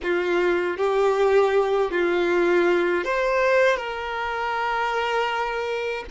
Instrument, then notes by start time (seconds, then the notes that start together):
violin
0.02 F4
0.77 G4
1.91 F4
3.04 C5
3.76 A#4